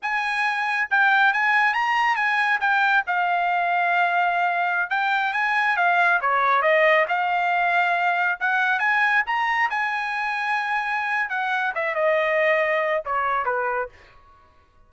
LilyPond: \new Staff \with { instrumentName = "trumpet" } { \time 4/4 \tempo 4 = 138 gis''2 g''4 gis''4 | ais''4 gis''4 g''4 f''4~ | f''2.~ f''16 g''8.~ | g''16 gis''4 f''4 cis''4 dis''8.~ |
dis''16 f''2. fis''8.~ | fis''16 gis''4 ais''4 gis''4.~ gis''16~ | gis''2 fis''4 e''8 dis''8~ | dis''2 cis''4 b'4 | }